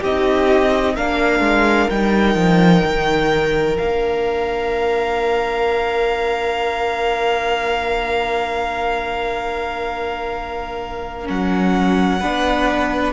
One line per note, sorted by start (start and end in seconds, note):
0.00 0.96 C4
0.00 0.96 D#4
0.00 0.94 G4
0.00 0.96 D#5
0.95 1.39 A#3
0.95 1.90 D4
0.95 12.19 A#4
0.95 1.89 F5
1.39 1.86 G#3
1.89 2.35 G3
1.89 3.75 D#4
1.89 3.77 G5
2.35 2.81 F3
2.84 3.78 D#3
3.75 11.29 A#3
3.75 11.25 D4
3.75 11.27 F5
11.25 12.21 F#3
11.25 12.19 C#4
11.25 13.12 F#5
12.19 13.12 B3
12.19 13.12 D4
12.19 13.12 B4